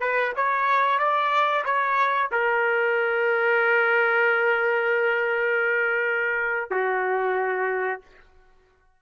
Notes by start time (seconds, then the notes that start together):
0.00 B4
0.36 C#5
0.99 D5
1.65 C#5
2.32 A#4
6.71 F#4